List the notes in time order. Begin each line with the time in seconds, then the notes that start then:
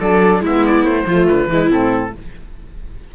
0.00 F#3 D4 A4 D5
0.41 G#3 B3 E4 E5
0.66 D5
0.83 A3 C5
1.06 F3 A3 F4
1.28 D3 B4
1.48 E3 G#3 E4
1.71 A2 C4 A4